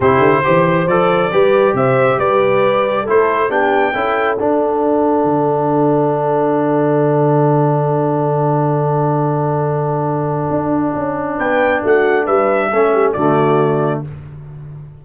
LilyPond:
<<
  \new Staff \with { instrumentName = "trumpet" } { \time 4/4 \tempo 4 = 137 c''2 d''2 | e''4 d''2 c''4 | g''2 fis''2~ | fis''1~ |
fis''1~ | fis''1~ | fis''2 g''4 fis''4 | e''2 d''2 | }
  \new Staff \with { instrumentName = "horn" } { \time 4/4 g'4 c''2 b'4 | c''4 b'2 a'4 | g'4 a'2.~ | a'1~ |
a'1~ | a'1~ | a'2 b'4 fis'4 | b'4 a'8 g'8 fis'2 | }
  \new Staff \with { instrumentName = "trombone" } { \time 4/4 e'4 g'4 a'4 g'4~ | g'2. e'4 | d'4 e'4 d'2~ | d'1~ |
d'1~ | d'1~ | d'1~ | d'4 cis'4 a2 | }
  \new Staff \with { instrumentName = "tuba" } { \time 4/4 c8 d8 e4 f4 g4 | c4 g2 a4 | b4 cis'4 d'2 | d1~ |
d1~ | d1 | d'4 cis'4 b4 a4 | g4 a4 d2 | }
>>